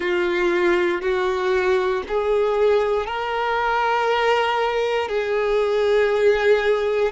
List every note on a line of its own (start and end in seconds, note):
0.00 1.01 F4
1.01 2.03 F#4
2.08 3.06 G#4
3.06 5.08 A#4
5.08 7.11 G#4